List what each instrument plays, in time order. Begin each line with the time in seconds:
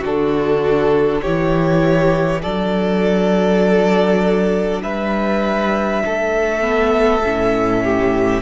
0.00 cello D3, viola D4, violin F#4 A4
1.21 cello E3, viola E4, violin G4 C#5
2.41 cello F#3, viola D4, violin A4 D5
4.82 cello G3, violin B4 E5
6.05 cello A3, violin A4
6.61 viola B3
7.24 cello A2, viola C#4
7.83 violin G4